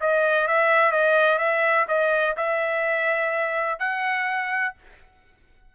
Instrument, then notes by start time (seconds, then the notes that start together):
trumpet
0.00 D#5
0.47 E5
0.91 D#5
1.38 E5
1.88 D#5
2.36 E5
3.79 F#5